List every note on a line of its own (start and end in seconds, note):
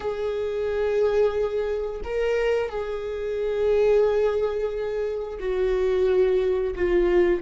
0.00 2.01 G#4
2.04 2.69 A#4
2.69 5.38 G#4
5.39 6.74 F#4
6.75 7.42 F4